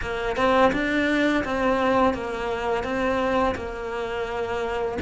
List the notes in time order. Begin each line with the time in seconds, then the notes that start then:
0.01 A#3
0.36 C4
0.72 D4
1.44 C4
2.14 A#3
2.83 C4
3.55 A#3